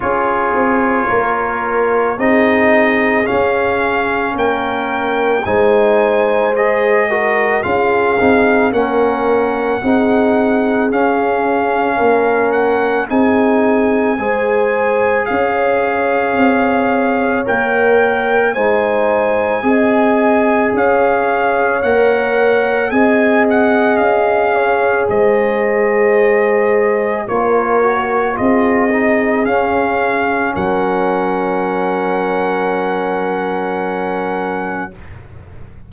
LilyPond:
<<
  \new Staff \with { instrumentName = "trumpet" } { \time 4/4 \tempo 4 = 55 cis''2 dis''4 f''4 | g''4 gis''4 dis''4 f''4 | fis''2 f''4. fis''8 | gis''2 f''2 |
g''4 gis''2 f''4 | fis''4 gis''8 fis''8 f''4 dis''4~ | dis''4 cis''4 dis''4 f''4 | fis''1 | }
  \new Staff \with { instrumentName = "horn" } { \time 4/4 gis'4 ais'4 gis'2 | ais'4 c''4. ais'8 gis'4 | ais'4 gis'2 ais'4 | gis'4 c''4 cis''2~ |
cis''4 c''4 dis''4 cis''4~ | cis''4 dis''4. cis''8 c''4~ | c''4 ais'4 gis'2 | ais'1 | }
  \new Staff \with { instrumentName = "trombone" } { \time 4/4 f'2 dis'4 cis'4~ | cis'4 dis'4 gis'8 fis'8 f'8 dis'8 | cis'4 dis'4 cis'2 | dis'4 gis'2. |
ais'4 dis'4 gis'2 | ais'4 gis'2.~ | gis'4 f'8 fis'8 f'8 dis'8 cis'4~ | cis'1 | }
  \new Staff \with { instrumentName = "tuba" } { \time 4/4 cis'8 c'8 ais4 c'4 cis'4 | ais4 gis2 cis'8 c'8 | ais4 c'4 cis'4 ais4 | c'4 gis4 cis'4 c'4 |
ais4 gis4 c'4 cis'4 | ais4 c'4 cis'4 gis4~ | gis4 ais4 c'4 cis'4 | fis1 | }
>>